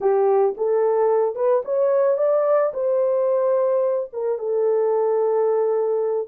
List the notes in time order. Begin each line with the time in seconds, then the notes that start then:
0.00 G4
0.57 A4
1.35 B4
1.64 C#5
2.17 D5
2.73 C5
4.12 A#4
4.38 A4